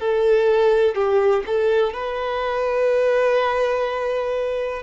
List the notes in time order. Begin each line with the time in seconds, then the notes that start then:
0.00 A4
0.95 G4
1.46 A4
1.94 B4